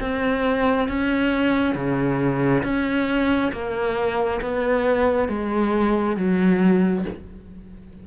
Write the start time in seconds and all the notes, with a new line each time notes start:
0.00 C4
0.88 C#4
1.75 C#3
2.64 C#4
3.52 A#3
4.41 B3
5.28 G#3
6.16 F#3